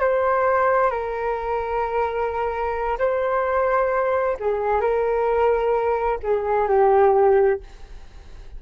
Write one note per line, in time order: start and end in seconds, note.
0.00 0.91 C5
0.91 2.98 A#4
2.98 4.37 C5
4.40 4.81 G#4
4.81 6.19 A#4
6.23 6.68 G#4
6.68 7.60 G4